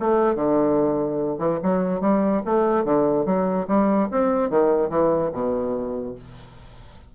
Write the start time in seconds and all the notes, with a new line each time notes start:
0.00 A3
0.36 D3
1.39 E3
1.63 F#3
2.01 G3
2.46 A3
2.85 D3
3.26 F#3
3.68 G3
4.12 C4
4.50 D#3
4.90 E3
5.33 B2